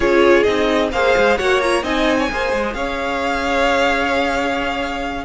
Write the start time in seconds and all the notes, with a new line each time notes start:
0.00 C#4 F4 G#4 C#5
0.43 C4 D#4 D#5
0.92 A#3 G#4 C5 F5
1.17 G#3
1.37 A#3 F#4 C#5 F#5
1.60 F4 A#5
1.82 C4 D#4 D#5 G#5
2.18 C#5
2.30 A#3 G#4 C5
2.52 G#3
2.73 C#4 C#5 F5